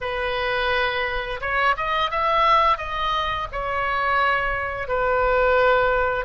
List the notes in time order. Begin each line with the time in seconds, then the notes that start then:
0.01 B4
1.40 C#5
1.77 D#5
2.11 E5
2.77 D#5
3.52 C#5
4.88 B4